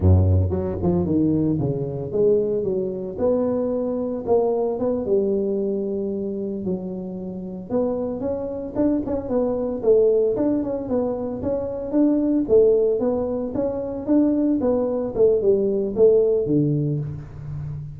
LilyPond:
\new Staff \with { instrumentName = "tuba" } { \time 4/4 \tempo 4 = 113 fis,4 fis8 f8 dis4 cis4 | gis4 fis4 b2 | ais4 b8 g2~ g8~ | g8 fis2 b4 cis'8~ |
cis'8 d'8 cis'8 b4 a4 d'8 | cis'8 b4 cis'4 d'4 a8~ | a8 b4 cis'4 d'4 b8~ | b8 a8 g4 a4 d4 | }